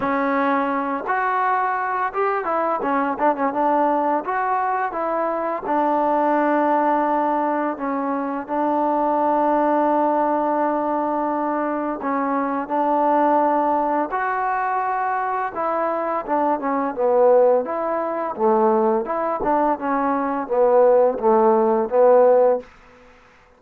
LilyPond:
\new Staff \with { instrumentName = "trombone" } { \time 4/4 \tempo 4 = 85 cis'4. fis'4. g'8 e'8 | cis'8 d'16 cis'16 d'4 fis'4 e'4 | d'2. cis'4 | d'1~ |
d'4 cis'4 d'2 | fis'2 e'4 d'8 cis'8 | b4 e'4 a4 e'8 d'8 | cis'4 b4 a4 b4 | }